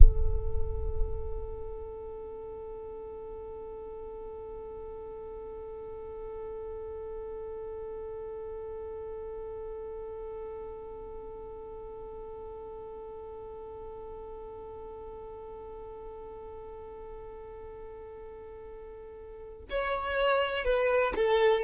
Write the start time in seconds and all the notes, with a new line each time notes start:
0.00 A4
19.70 C#5
20.64 B4
21.15 A4